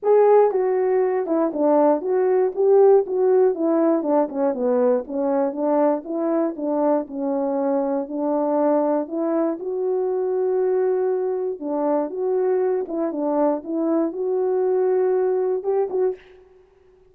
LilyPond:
\new Staff \with { instrumentName = "horn" } { \time 4/4 \tempo 4 = 119 gis'4 fis'4. e'8 d'4 | fis'4 g'4 fis'4 e'4 | d'8 cis'8 b4 cis'4 d'4 | e'4 d'4 cis'2 |
d'2 e'4 fis'4~ | fis'2. d'4 | fis'4. e'8 d'4 e'4 | fis'2. g'8 fis'8 | }